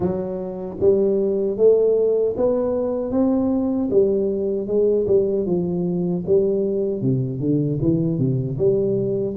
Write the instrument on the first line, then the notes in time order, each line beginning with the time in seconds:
tuba
0.00 F#3
0.80 G3
1.57 A3
2.36 B3
3.11 C4
3.90 G3
4.67 G#3
5.06 G3
5.45 F3
6.26 G3
7.01 C3
7.40 D3
7.81 E3
8.18 C3
8.57 G3